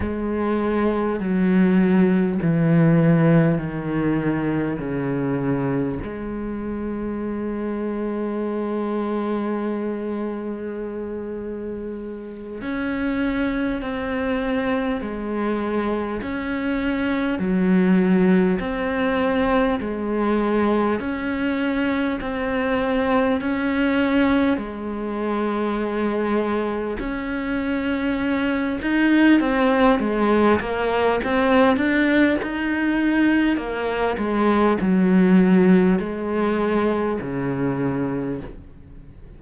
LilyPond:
\new Staff \with { instrumentName = "cello" } { \time 4/4 \tempo 4 = 50 gis4 fis4 e4 dis4 | cis4 gis2.~ | gis2~ gis8 cis'4 c'8~ | c'8 gis4 cis'4 fis4 c'8~ |
c'8 gis4 cis'4 c'4 cis'8~ | cis'8 gis2 cis'4. | dis'8 c'8 gis8 ais8 c'8 d'8 dis'4 | ais8 gis8 fis4 gis4 cis4 | }